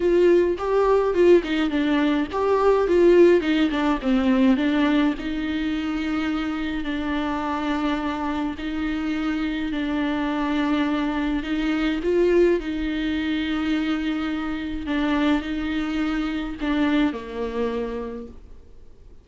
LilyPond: \new Staff \with { instrumentName = "viola" } { \time 4/4 \tempo 4 = 105 f'4 g'4 f'8 dis'8 d'4 | g'4 f'4 dis'8 d'8 c'4 | d'4 dis'2. | d'2. dis'4~ |
dis'4 d'2. | dis'4 f'4 dis'2~ | dis'2 d'4 dis'4~ | dis'4 d'4 ais2 | }